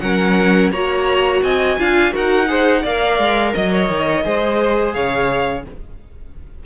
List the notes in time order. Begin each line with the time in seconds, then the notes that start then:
0.00 F#3 C#4 A#4 F#5
0.71 A#3 F#4 C#5 A#5
1.42 C4 D#5 G#5
1.78 D4 F4 F5
2.11 D#4 F#4 A#4 F#5
2.48 G#4 C5
2.82 A#3 A#4 D5 F5
3.19 G#3
3.54 F#3 D#5
3.71 C#5
3.89 D#3
4.23 G#3 G#4 C5
4.93 C#3 C#5 F5